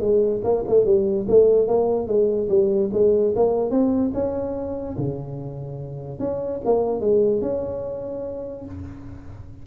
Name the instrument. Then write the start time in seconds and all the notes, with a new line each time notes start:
tuba
0.00 G#3
0.43 A#3
0.67 A3
0.85 G3
1.28 A3
1.67 A#3
2.07 G#3
2.49 G3
2.93 G#3
3.36 A#3
3.70 C4
4.14 C#4
4.97 C#3
6.19 C#4
6.65 A#3
7.00 G#3
7.41 C#4